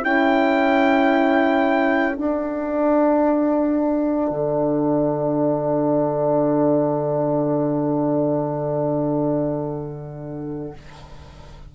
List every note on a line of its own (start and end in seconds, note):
0.00 2.18 C#4
0.00 2.15 E4
0.00 10.71 A4
0.00 2.17 G5
2.17 10.74 D4
2.17 4.30 D4
2.17 10.75 F#5
4.30 10.73 D3